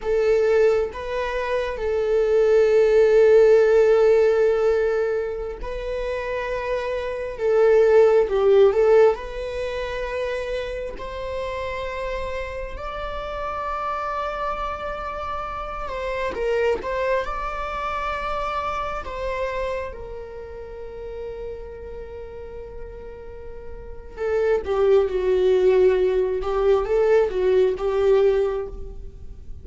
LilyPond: \new Staff \with { instrumentName = "viola" } { \time 4/4 \tempo 4 = 67 a'4 b'4 a'2~ | a'2~ a'16 b'4.~ b'16~ | b'16 a'4 g'8 a'8 b'4.~ b'16~ | b'16 c''2 d''4.~ d''16~ |
d''4.~ d''16 c''8 ais'8 c''8 d''8.~ | d''4~ d''16 c''4 ais'4.~ ais'16~ | ais'2. a'8 g'8 | fis'4. g'8 a'8 fis'8 g'4 | }